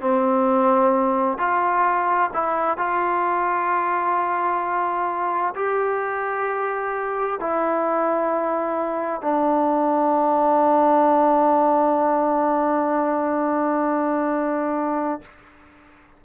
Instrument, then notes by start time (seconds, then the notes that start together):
trombone
0.00 C4
1.38 F4
2.33 E4
2.77 F4
5.55 G4
7.40 E4
9.21 D4